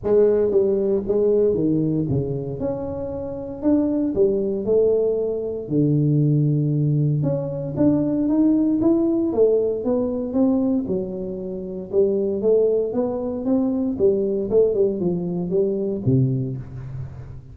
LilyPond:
\new Staff \with { instrumentName = "tuba" } { \time 4/4 \tempo 4 = 116 gis4 g4 gis4 dis4 | cis4 cis'2 d'4 | g4 a2 d4~ | d2 cis'4 d'4 |
dis'4 e'4 a4 b4 | c'4 fis2 g4 | a4 b4 c'4 g4 | a8 g8 f4 g4 c4 | }